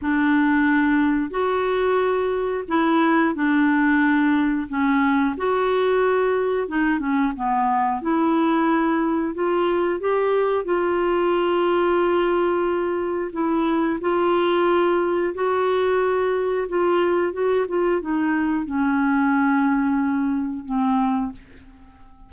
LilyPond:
\new Staff \with { instrumentName = "clarinet" } { \time 4/4 \tempo 4 = 90 d'2 fis'2 | e'4 d'2 cis'4 | fis'2 dis'8 cis'8 b4 | e'2 f'4 g'4 |
f'1 | e'4 f'2 fis'4~ | fis'4 f'4 fis'8 f'8 dis'4 | cis'2. c'4 | }